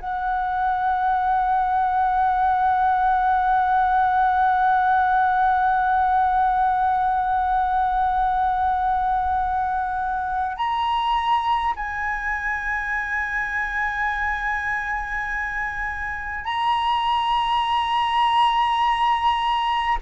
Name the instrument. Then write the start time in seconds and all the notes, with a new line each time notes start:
flute
0.00 F#5
10.57 A#5
11.76 G#5
16.45 A#5